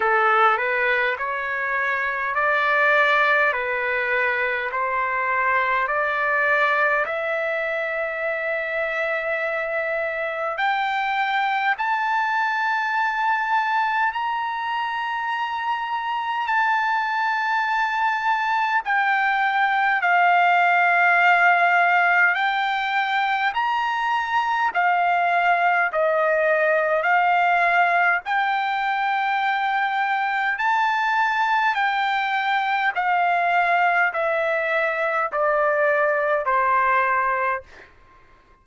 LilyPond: \new Staff \with { instrumentName = "trumpet" } { \time 4/4 \tempo 4 = 51 a'8 b'8 cis''4 d''4 b'4 | c''4 d''4 e''2~ | e''4 g''4 a''2 | ais''2 a''2 |
g''4 f''2 g''4 | ais''4 f''4 dis''4 f''4 | g''2 a''4 g''4 | f''4 e''4 d''4 c''4 | }